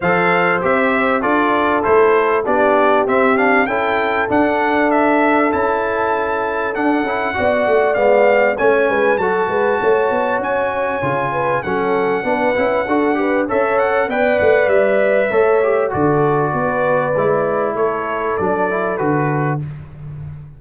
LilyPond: <<
  \new Staff \with { instrumentName = "trumpet" } { \time 4/4 \tempo 4 = 98 f''4 e''4 d''4 c''4 | d''4 e''8 f''8 g''4 fis''4 | e''4 a''2 fis''4~ | fis''4 f''4 gis''4 a''4~ |
a''4 gis''2 fis''4~ | fis''2 e''8 fis''8 g''8 fis''8 | e''2 d''2~ | d''4 cis''4 d''4 b'4 | }
  \new Staff \with { instrumentName = "horn" } { \time 4/4 c''2 a'2 | g'2 a'2~ | a'1 | d''2 cis''8 b'8 a'8 b'8 |
cis''2~ cis''8 b'8 a'4 | b'4 a'8 b'8 cis''4 d''4~ | d''4 cis''4 a'4 b'4~ | b'4 a'2. | }
  \new Staff \with { instrumentName = "trombone" } { \time 4/4 a'4 g'4 f'4 e'4 | d'4 c'8 d'8 e'4 d'4~ | d'4 e'2 d'8 e'8 | fis'4 b4 cis'4 fis'4~ |
fis'2 f'4 cis'4 | d'8 e'8 fis'8 g'8 a'4 b'4~ | b'4 a'8 g'8 fis'2 | e'2 d'8 e'8 fis'4 | }
  \new Staff \with { instrumentName = "tuba" } { \time 4/4 f4 c'4 d'4 a4 | b4 c'4 cis'4 d'4~ | d'4 cis'2 d'8 cis'8 | b8 a8 gis4 a8 gis8 fis8 gis8 |
a8 b8 cis'4 cis4 fis4 | b8 cis'8 d'4 cis'4 b8 a8 | g4 a4 d4 b4 | gis4 a4 fis4 d4 | }
>>